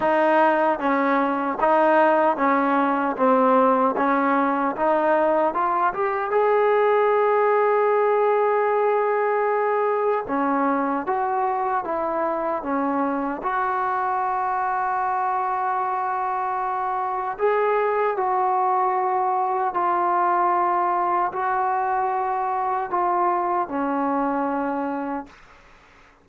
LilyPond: \new Staff \with { instrumentName = "trombone" } { \time 4/4 \tempo 4 = 76 dis'4 cis'4 dis'4 cis'4 | c'4 cis'4 dis'4 f'8 g'8 | gis'1~ | gis'4 cis'4 fis'4 e'4 |
cis'4 fis'2.~ | fis'2 gis'4 fis'4~ | fis'4 f'2 fis'4~ | fis'4 f'4 cis'2 | }